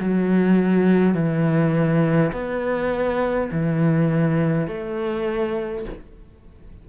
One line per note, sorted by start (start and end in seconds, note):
0.00 1.14 F#3
1.14 2.32 E3
2.32 3.50 B3
3.51 4.67 E3
4.67 5.85 A3